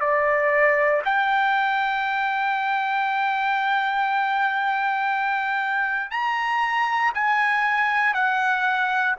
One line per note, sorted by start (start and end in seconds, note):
0.00 1.02 D5
1.04 6.11 G5
6.11 7.12 A#5
7.14 8.14 G#5
8.14 9.15 F#5